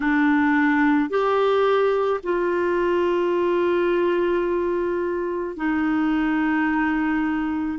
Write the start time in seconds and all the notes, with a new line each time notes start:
0.00 D4
1.09 G4
2.23 F4
5.56 D#4